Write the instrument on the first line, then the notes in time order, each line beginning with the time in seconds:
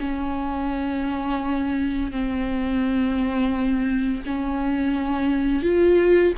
viola
0.00 C#4
2.11 C4
4.26 C#4
5.63 F4